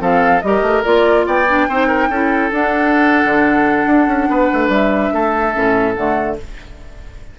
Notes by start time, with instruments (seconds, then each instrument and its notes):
0.00 bassoon F3, clarinet C4, oboe A4, flute F5
0.41 bassoon G3, clarinet G4, flute D#5
0.47 oboe A#4
0.62 bassoon A3
0.84 bassoon A#3, clarinet F4, flute D5
1.27 bassoon B3, oboe D5, flute G5
1.49 clarinet D4
1.69 bassoon C4, clarinet D#4, oboe C5
1.88 oboe A#4
2.10 bassoon C#4, clarinet E4, oboe A4
2.52 clarinet D4, bassoon D4, flute F#5
3.25 bassoon D3
3.87 bassoon D4
4.08 bassoon C#4
4.30 bassoon B3, oboe B4
4.53 bassoon A3
4.69 bassoon G3, flute E5
5.14 bassoon A3, oboe A4
5.54 bassoon A2, clarinet C#4
5.95 bassoon D3, clarinet A3, flute F#5